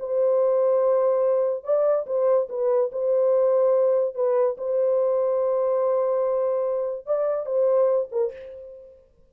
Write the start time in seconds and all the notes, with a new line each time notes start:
0.00 C5
1.65 D5
2.07 C5
2.50 B4
2.92 C5
4.15 B4
4.58 C5
7.06 D5
7.46 C5
8.12 A#4